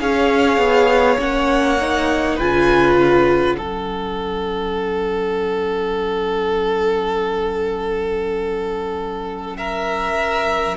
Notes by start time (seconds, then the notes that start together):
0.00 C#4 G#4 C#5 F5
0.58 B3
1.19 A#3 C#4 F#5
1.81 D#4
2.37 C#3 F4 B4 G#5
2.98 F#5
3.58 F#3 C#4 A4
9.58 A#4 E5